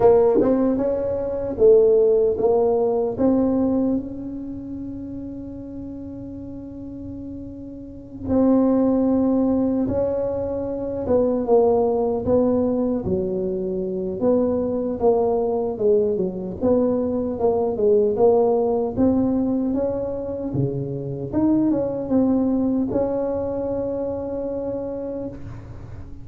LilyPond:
\new Staff \with { instrumentName = "tuba" } { \time 4/4 \tempo 4 = 76 ais8 c'8 cis'4 a4 ais4 | c'4 cis'2.~ | cis'2~ cis'8 c'4.~ | c'8 cis'4. b8 ais4 b8~ |
b8 fis4. b4 ais4 | gis8 fis8 b4 ais8 gis8 ais4 | c'4 cis'4 cis4 dis'8 cis'8 | c'4 cis'2. | }